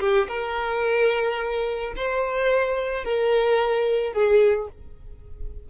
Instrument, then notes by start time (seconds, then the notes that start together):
violin
0.00 G4
0.28 A#4
1.96 C5
3.04 A#4
4.13 G#4